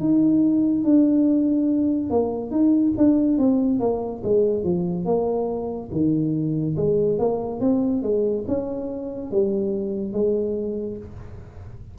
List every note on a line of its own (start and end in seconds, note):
0.00 0.84 D#4
0.84 2.10 D4
2.10 2.51 A#3
2.51 2.93 D#4
2.97 3.38 D4
3.38 3.80 C4
3.80 4.22 A#3
4.24 4.64 G#3
4.64 5.06 F3
5.06 5.90 A#3
5.92 6.76 D#3
6.77 7.19 G#3
7.19 7.61 A#3
7.61 8.03 C4
8.03 8.45 G#3
8.48 9.31 C#4
9.31 10.13 G3
10.13 10.98 G#3